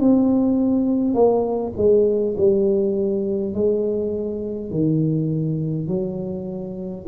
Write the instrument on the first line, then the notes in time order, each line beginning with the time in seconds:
tuba
0.00 C4
1.14 A#3
1.77 G#3
2.38 G3
3.55 G#3
4.71 D#3
5.88 F#3